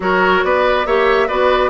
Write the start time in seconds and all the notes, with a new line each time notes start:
0.00 F#3 F#4 A#4 C#5
0.44 B3 B4 D5
0.86 A#3 G4 C#5 E5
1.27 B3 F#4 B4 D5